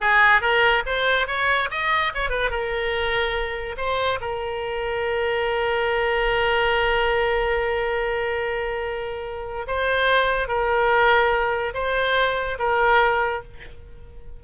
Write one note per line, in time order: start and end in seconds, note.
0.00 0.41 G#4
0.41 0.83 A#4
0.86 1.27 C5
1.27 1.69 C#5
1.70 2.12 D#5
2.14 2.29 C#5
2.29 2.50 B4
2.50 3.76 A#4
3.77 4.19 C5
4.21 9.66 A#4
9.67 10.47 C5
10.47 11.73 A#4
11.74 12.58 C5
12.59 13.42 A#4